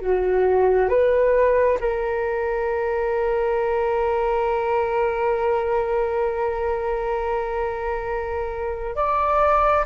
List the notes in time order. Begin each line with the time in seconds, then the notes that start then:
0.00 F#4
0.88 B4
1.80 A#4
8.95 D5